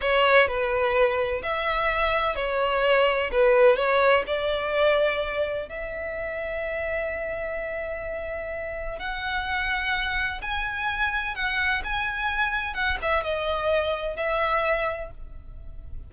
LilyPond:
\new Staff \with { instrumentName = "violin" } { \time 4/4 \tempo 4 = 127 cis''4 b'2 e''4~ | e''4 cis''2 b'4 | cis''4 d''2. | e''1~ |
e''2. fis''4~ | fis''2 gis''2 | fis''4 gis''2 fis''8 e''8 | dis''2 e''2 | }